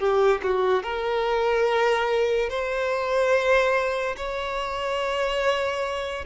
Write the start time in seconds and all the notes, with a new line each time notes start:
0.00 G4
0.44 F#4
0.84 A#4
2.50 C5
4.17 C#5